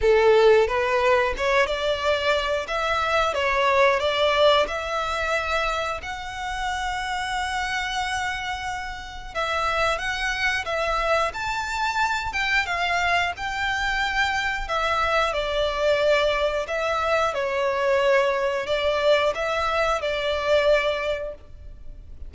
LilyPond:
\new Staff \with { instrumentName = "violin" } { \time 4/4 \tempo 4 = 90 a'4 b'4 cis''8 d''4. | e''4 cis''4 d''4 e''4~ | e''4 fis''2.~ | fis''2 e''4 fis''4 |
e''4 a''4. g''8 f''4 | g''2 e''4 d''4~ | d''4 e''4 cis''2 | d''4 e''4 d''2 | }